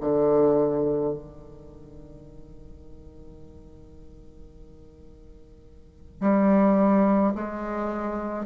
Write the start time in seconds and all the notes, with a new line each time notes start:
0.00 D3
1.13 D#3
6.20 G3
7.34 G#3